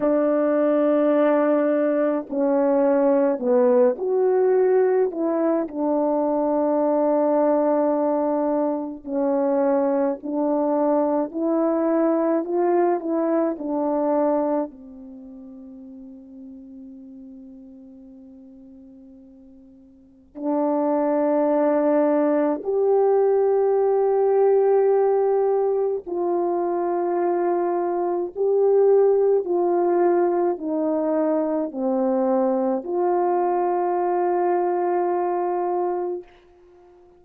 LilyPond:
\new Staff \with { instrumentName = "horn" } { \time 4/4 \tempo 4 = 53 d'2 cis'4 b8 fis'8~ | fis'8 e'8 d'2. | cis'4 d'4 e'4 f'8 e'8 | d'4 c'2.~ |
c'2 d'2 | g'2. f'4~ | f'4 g'4 f'4 dis'4 | c'4 f'2. | }